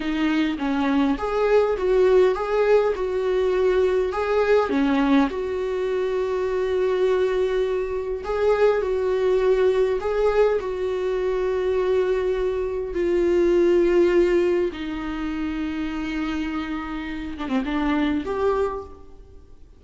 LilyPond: \new Staff \with { instrumentName = "viola" } { \time 4/4 \tempo 4 = 102 dis'4 cis'4 gis'4 fis'4 | gis'4 fis'2 gis'4 | cis'4 fis'2.~ | fis'2 gis'4 fis'4~ |
fis'4 gis'4 fis'2~ | fis'2 f'2~ | f'4 dis'2.~ | dis'4. d'16 c'16 d'4 g'4 | }